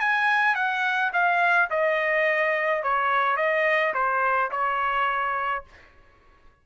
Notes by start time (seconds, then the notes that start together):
0.00 G#5
0.55 F#5
1.13 F5
1.70 D#5
2.83 C#5
3.37 D#5
3.94 C5
4.51 C#5